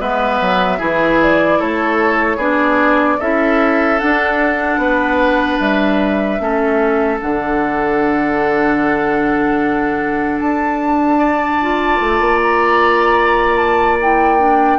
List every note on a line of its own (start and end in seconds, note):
0.00 0.40 G#3
0.00 0.79 B3
0.00 0.78 B4
0.00 1.21 E5
0.41 0.80 F#3
0.78 1.60 E3
0.78 2.39 E4
0.78 1.58 G#4
1.22 1.61 D5
1.59 2.37 A3
1.59 2.37 A4
1.59 2.41 C#5
2.37 3.17 B3
2.37 3.19 D4
2.37 3.17 G#4
2.37 3.21 D5
3.20 4.01 C#4
3.20 4.00 E4
3.20 4.80 A4
3.20 3.99 E5
3.99 6.40 D4
3.99 4.78 D4
3.99 5.59 F#5
4.78 5.58 B3
4.78 6.42 B4
5.60 6.40 G3
5.60 7.20 E5
6.40 7.20 A3
6.40 7.20 C#4
6.40 11.19 A4
7.21 10.41 D3
7.21 11.61 D4
7.21 10.39 F#5
10.39 12.00 D4
10.39 12.39 A5
11.19 14.79 D5
11.62 14.02 F4
12.00 12.20 A3
12.20 14.79 A#3
12.43 13.57 A#5
13.57 13.97 A5
14.02 14.39 E4
14.02 14.79 G5
14.39 14.79 D4